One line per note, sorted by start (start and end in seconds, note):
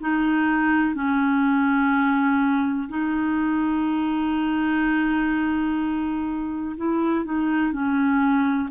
0.00 0.95 D#4
0.95 2.88 C#4
2.89 6.76 D#4
6.76 7.24 E4
7.24 7.72 D#4
7.72 8.69 C#4